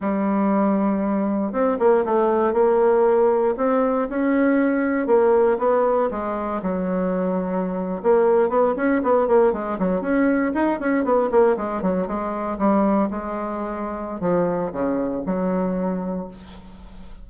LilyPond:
\new Staff \with { instrumentName = "bassoon" } { \time 4/4 \tempo 4 = 118 g2. c'8 ais8 | a4 ais2 c'4 | cis'2 ais4 b4 | gis4 fis2~ fis8. ais16~ |
ais8. b8 cis'8 b8 ais8 gis8 fis8 cis'16~ | cis'8. dis'8 cis'8 b8 ais8 gis8 fis8 gis16~ | gis8. g4 gis2~ gis16 | f4 cis4 fis2 | }